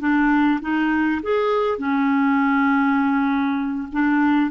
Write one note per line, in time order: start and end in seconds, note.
0.00 0.60 D4
0.62 1.22 D#4
1.23 1.79 G#4
1.79 3.89 C#4
3.92 4.51 D4